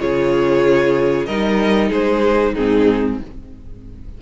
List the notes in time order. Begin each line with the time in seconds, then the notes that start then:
0.00 C#3 F4 G#4 C#5
1.26 G3 D#4 A#4 D#5
1.89 G#3 G#4 C5
2.54 G#2 C4 D#4 G#4